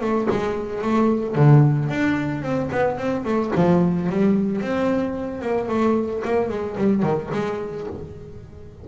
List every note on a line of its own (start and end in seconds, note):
0.00 0.27 A3
0.30 0.82 G#3
0.82 1.35 A3
1.35 1.89 D3
1.89 2.42 D4
2.42 2.69 C4
2.71 2.97 B3
2.97 3.24 C4
3.24 3.51 A3
3.55 4.09 F3
4.09 4.61 G3
4.61 5.41 C4
5.41 5.68 A#3
5.68 6.22 A3
6.24 6.49 A#3
6.49 6.76 G#3
6.77 7.02 G3
7.02 7.29 D#3
7.32 7.86 G#3